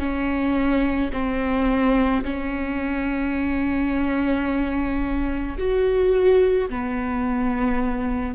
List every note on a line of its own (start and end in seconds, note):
0.00 1.11 C#4
1.13 2.24 C4
2.24 5.58 C#4
5.58 6.69 F#4
6.69 8.35 B3